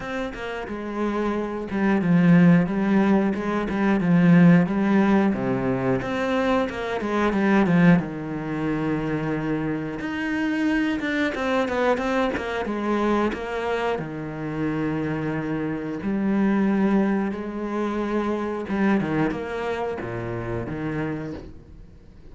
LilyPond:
\new Staff \with { instrumentName = "cello" } { \time 4/4 \tempo 4 = 90 c'8 ais8 gis4. g8 f4 | g4 gis8 g8 f4 g4 | c4 c'4 ais8 gis8 g8 f8 | dis2. dis'4~ |
dis'8 d'8 c'8 b8 c'8 ais8 gis4 | ais4 dis2. | g2 gis2 | g8 dis8 ais4 ais,4 dis4 | }